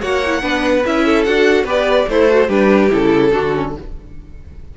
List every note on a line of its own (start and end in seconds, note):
0.00 0.42 A#3
0.00 0.22 F#4
0.00 0.41 C#5
0.00 0.84 F#5
0.26 0.41 E4
0.41 0.84 B3
0.41 0.82 D4
0.41 1.04 B4
0.85 1.26 C#4
0.85 1.26 E4
0.85 1.24 E5
1.05 1.64 A4
1.24 1.64 D4
1.24 1.66 F#4
1.24 1.65 F#5
1.64 2.05 B3
1.64 2.08 G4
1.64 2.06 B4
1.64 2.09 D5
2.08 2.48 A3
2.08 2.30 E4
2.08 2.49 A4
2.08 2.49 C5
2.30 2.47 F#4
2.47 2.89 G3
2.47 2.90 D4
2.47 3.30 G4
2.47 2.91 B4
2.90 3.34 C#3
2.90 3.31 E4
2.90 3.76 A4
3.31 3.77 D3
3.31 3.52 D4
3.31 3.73 F#4
3.54 3.75 C#4